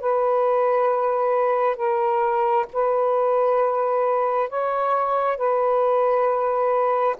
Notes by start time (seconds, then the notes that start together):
0.00 B4
1.76 A#4
2.73 B4
4.49 C#5
5.37 B4